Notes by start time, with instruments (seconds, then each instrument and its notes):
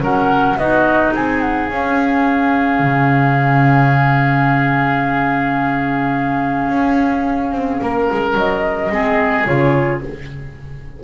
0.00 double bass F#3, clarinet C#4, oboe A#4, flute F#5
0.57 double bass B3, clarinet D#4, oboe F#4, flute D#5
1.14 double bass C4, oboe G#4, flute G#5
1.40 flute F#5
1.66 double bass C#4, clarinet C#4, flute F5
2.79 double bass C#3
6.68 double bass C#4
7.52 double bass C4
7.81 double bass A#3, oboe A#4
8.11 double bass G#3
8.34 double bass F#3, flute D#5
8.89 double bass G#3, clarinet C4, oboe G#4
9.45 double bass C#3, clarinet F4, flute C#5